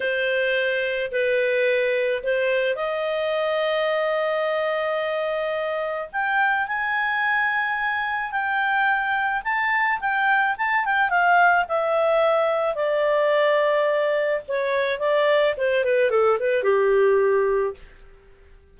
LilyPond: \new Staff \with { instrumentName = "clarinet" } { \time 4/4 \tempo 4 = 108 c''2 b'2 | c''4 dis''2.~ | dis''2. g''4 | gis''2. g''4~ |
g''4 a''4 g''4 a''8 g''8 | f''4 e''2 d''4~ | d''2 cis''4 d''4 | c''8 b'8 a'8 b'8 g'2 | }